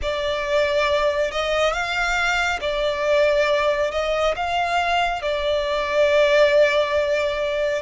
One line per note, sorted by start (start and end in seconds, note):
0.02 1.31 D5
1.31 1.72 D#5
1.72 2.59 F5
2.60 3.91 D5
3.91 4.34 D#5
4.36 5.22 F5
5.22 7.82 D5